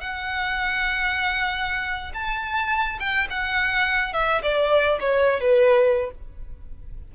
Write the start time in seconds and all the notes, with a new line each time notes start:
0.00 F#5
2.14 A5
2.99 G5
3.30 F#5
4.13 E5
4.42 D5
5.00 C#5
5.40 B4